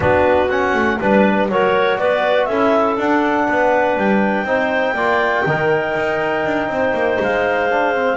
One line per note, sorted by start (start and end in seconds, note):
0.00 0.74 B3
0.00 0.48 D4
0.00 0.97 F#4
0.00 0.49 B4
0.49 0.99 C#4
0.49 0.98 F#5
0.74 0.98 A3
0.98 1.48 G3
0.98 1.50 D4
0.98 1.48 B4
0.98 1.49 B4
1.48 1.98 F#3
1.48 2.51 F#4
1.48 1.99 A#4
1.48 1.98 C#5
1.98 2.47 B3
1.98 2.48 B4
1.98 2.45 D5
2.45 2.97 C#4
2.45 3.47 A4
2.45 2.94 E5
2.51 2.99 E4
2.97 3.46 D4
2.97 4.46 D4
2.97 3.98 F#5
3.48 3.96 B3
3.48 4.46 B4
3.96 4.44 G3
3.96 7.20 G5
4.44 4.93 C4
4.44 4.96 D#4
4.44 4.94 C5
4.93 5.43 A#3
4.93 5.46 F4
4.93 5.43 D5
5.46 5.95 D#3
5.46 7.70 D#4
5.46 6.70 A#4
5.95 6.45 D#4
6.45 6.67 D4
6.67 6.92 C4
6.67 8.17 C5
6.93 7.17 A#3
7.19 8.17 G#3
7.19 8.17 F5
7.70 7.94 D4
7.94 8.17 C4